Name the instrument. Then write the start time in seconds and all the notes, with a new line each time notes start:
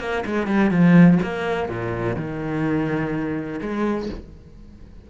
cello
0.00 A#3
0.26 G#3
0.47 G3
0.71 F3
1.23 A#3
1.69 A#2
2.16 D#3
3.61 G#3